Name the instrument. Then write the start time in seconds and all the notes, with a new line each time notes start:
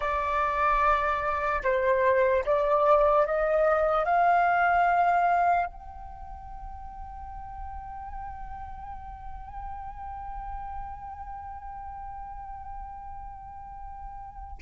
flute
0.00 D5
1.63 C5
2.45 D5
3.26 D#5
4.05 F5
5.66 G5